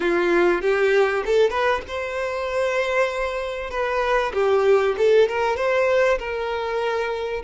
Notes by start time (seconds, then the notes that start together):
0.00 F4
0.61 G4
1.25 A4
1.50 B4
1.87 C5
3.70 B4
4.33 G4
4.97 A4
5.28 A#4
5.56 C5
6.19 A#4